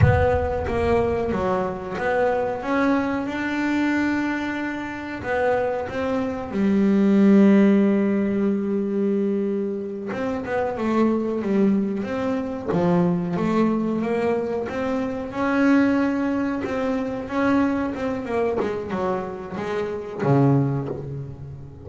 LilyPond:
\new Staff \with { instrumentName = "double bass" } { \time 4/4 \tempo 4 = 92 b4 ais4 fis4 b4 | cis'4 d'2. | b4 c'4 g2~ | g2.~ g8 c'8 |
b8 a4 g4 c'4 f8~ | f8 a4 ais4 c'4 cis'8~ | cis'4. c'4 cis'4 c'8 | ais8 gis8 fis4 gis4 cis4 | }